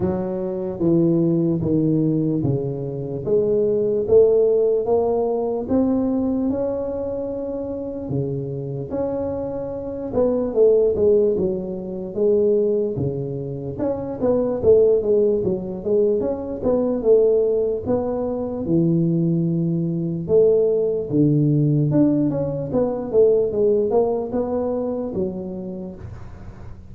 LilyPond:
\new Staff \with { instrumentName = "tuba" } { \time 4/4 \tempo 4 = 74 fis4 e4 dis4 cis4 | gis4 a4 ais4 c'4 | cis'2 cis4 cis'4~ | cis'8 b8 a8 gis8 fis4 gis4 |
cis4 cis'8 b8 a8 gis8 fis8 gis8 | cis'8 b8 a4 b4 e4~ | e4 a4 d4 d'8 cis'8 | b8 a8 gis8 ais8 b4 fis4 | }